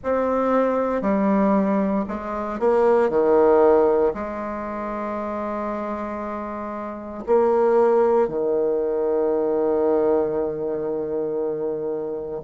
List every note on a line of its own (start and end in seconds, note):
0.03 1.01 C4
1.01 2.05 G3
2.08 2.59 G#3
2.59 3.09 A#3
3.09 4.13 D#3
4.14 7.24 G#3
7.26 8.28 A#3
8.28 12.41 D#3